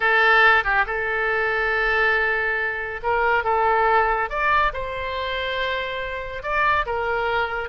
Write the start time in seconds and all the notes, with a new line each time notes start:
0.00 A4
0.64 G4
0.86 A4
3.03 A#4
3.43 A4
4.29 D5
4.73 C5
6.42 D5
6.86 A#4